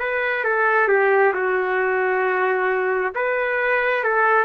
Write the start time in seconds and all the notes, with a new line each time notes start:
0.00 B4
0.44 A4
0.89 G4
1.34 F#4
3.15 B4
4.04 A4